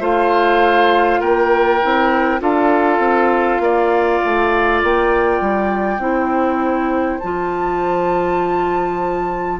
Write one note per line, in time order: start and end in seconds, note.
0.00 1.21 A3
0.00 1.80 F4
0.00 1.21 C5
0.00 1.21 F5
1.21 1.81 A#3
1.21 2.41 A#4
1.21 2.41 G5
1.82 2.41 C4
1.82 2.40 E4
2.40 2.99 D4
2.40 6.00 F4
2.40 3.62 A4
2.40 4.83 F5
2.99 3.59 C4
3.60 4.20 A#3
3.60 6.02 D5
4.25 4.83 A3
4.83 5.41 A#3
4.83 7.20 G5
5.41 5.99 G3
5.99 7.19 C4
5.99 7.20 E4
5.99 9.60 C5
7.20 9.60 F3
7.20 9.60 F4
7.20 9.60 A5